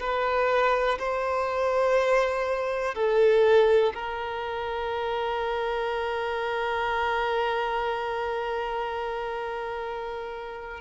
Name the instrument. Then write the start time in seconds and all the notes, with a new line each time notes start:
violin
0.00 B4
0.99 C5
2.95 A4
3.94 A#4